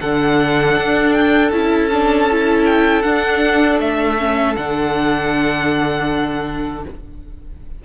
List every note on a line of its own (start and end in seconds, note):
0.00 0.76 D3
0.00 1.52 D4
0.00 6.84 A4
0.00 1.13 F#5
0.76 1.52 D4
1.13 1.49 G5
1.49 3.03 C#4
1.49 1.90 E4
1.49 2.63 A5
1.91 2.29 D4
2.31 3.03 E4
2.66 3.02 G5
3.02 4.17 D4
3.02 3.79 D4
3.02 3.78 F#5
3.79 4.55 A3
3.79 4.55 E5
4.18 4.56 C#4
4.55 6.85 D3
4.55 6.84 D4
4.55 6.83 F#5